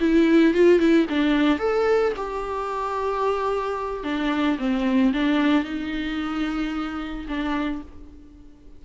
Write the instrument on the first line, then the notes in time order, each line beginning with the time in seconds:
viola
0.00 E4
0.54 F4
0.79 E4
1.09 D4
1.59 A4
2.16 G4
4.04 D4
4.58 C4
5.13 D4
5.64 D#4
7.28 D4